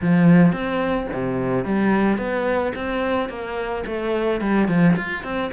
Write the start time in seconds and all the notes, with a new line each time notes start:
0.02 F3
0.52 C4
1.12 C3
1.65 G3
2.17 B3
2.75 C4
3.29 A#3
3.86 A3
4.40 G3
4.68 F3
4.96 F4
5.23 C4